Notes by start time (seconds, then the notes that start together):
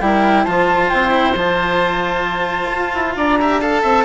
0.00 G3 E4 A#4 G5
0.44 F3 F4 C5 A5
0.89 C4 G5
1.11 E4
1.35 F3 F4 A5
2.72 F4
2.94 E4
3.16 D4 D5 A#5
3.40 G4 E5
3.61 A4 F5 A5
3.82 C4 E5